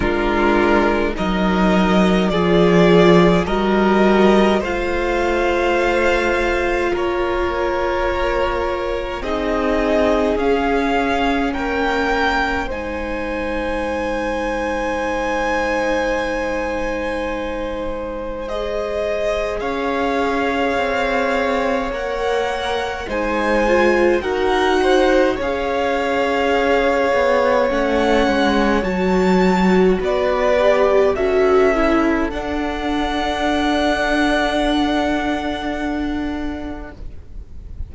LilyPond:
<<
  \new Staff \with { instrumentName = "violin" } { \time 4/4 \tempo 4 = 52 ais'4 dis''4 d''4 dis''4 | f''2 cis''2 | dis''4 f''4 g''4 gis''4~ | gis''1 |
dis''4 f''2 fis''4 | gis''4 fis''4 f''2 | fis''4 a''4 d''4 e''4 | fis''1 | }
  \new Staff \with { instrumentName = "violin" } { \time 4/4 f'4 ais'4 gis'4 ais'4 | c''2 ais'2 | gis'2 ais'4 c''4~ | c''1~ |
c''4 cis''2. | c''4 ais'8 c''8 cis''2~ | cis''2 b'4 a'4~ | a'1 | }
  \new Staff \with { instrumentName = "viola" } { \time 4/4 d'4 dis'4 f'4 fis'4 | f'1 | dis'4 cis'2 dis'4~ | dis'1 |
gis'2. ais'4 | dis'8 f'8 fis'4 gis'2 | cis'4 fis'4. g'8 fis'8 e'8 | d'1 | }
  \new Staff \with { instrumentName = "cello" } { \time 4/4 gis4 fis4 f4 g4 | a2 ais2 | c'4 cis'4 ais4 gis4~ | gis1~ |
gis4 cis'4 c'4 ais4 | gis4 dis'4 cis'4. b8 | a8 gis8 fis4 b4 cis'4 | d'1 | }
>>